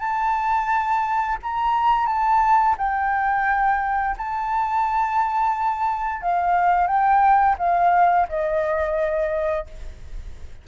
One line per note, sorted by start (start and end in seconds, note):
0.00 1.38 A5
1.43 2.07 A#5
2.07 2.76 A5
2.78 4.16 G5
4.18 6.22 A5
6.22 6.87 F5
6.87 7.56 G5
7.59 8.28 F5
8.29 9.67 D#5